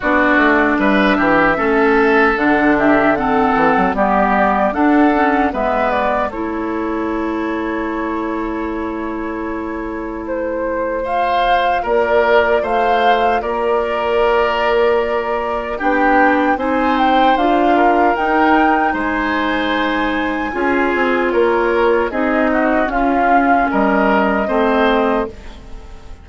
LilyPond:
<<
  \new Staff \with { instrumentName = "flute" } { \time 4/4 \tempo 4 = 76 d''4 e''2 fis''8 e''8 | fis''4 d''4 fis''4 e''8 d''8 | cis''1~ | cis''4 c''4 f''4 d''4 |
f''4 d''2. | g''4 gis''8 g''8 f''4 g''4 | gis''2. cis''4 | dis''4 f''4 dis''2 | }
  \new Staff \with { instrumentName = "oboe" } { \time 4/4 fis'4 b'8 g'8 a'4. g'8 | a'4 g'4 a'4 b'4 | a'1~ | a'2 c''4 ais'4 |
c''4 ais'2. | g'4 c''4. ais'4. | c''2 gis'4 ais'4 | gis'8 fis'8 f'4 ais'4 c''4 | }
  \new Staff \with { instrumentName = "clarinet" } { \time 4/4 d'2 cis'4 d'4 | c'4 b4 d'8 cis'8 b4 | e'1~ | e'2 f'2~ |
f'1 | d'4 dis'4 f'4 dis'4~ | dis'2 f'2 | dis'4 cis'2 c'4 | }
  \new Staff \with { instrumentName = "bassoon" } { \time 4/4 b8 a8 g8 e8 a4 d4~ | d8 e16 fis16 g4 d'4 gis4 | a1~ | a2. ais4 |
a4 ais2. | b4 c'4 d'4 dis'4 | gis2 cis'8 c'8 ais4 | c'4 cis'4 g4 a4 | }
>>